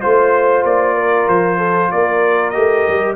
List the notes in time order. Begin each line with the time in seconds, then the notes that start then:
0.00 A3 F4 C5
0.64 A#3 D5
0.95 A#4
1.28 F3 C5
1.58 A4
1.91 A#3 A#4 D5
2.50 A3 G4 D#5
2.88 G3